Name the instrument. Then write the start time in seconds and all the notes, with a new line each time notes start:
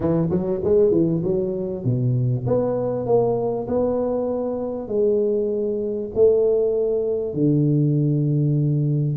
tuba
0.00 E3
0.30 F#3
0.64 G#3
0.91 E3
1.23 F#3
1.84 B2
2.46 B3
3.06 A#3
3.67 B3
4.88 G#3
6.14 A3
7.33 D3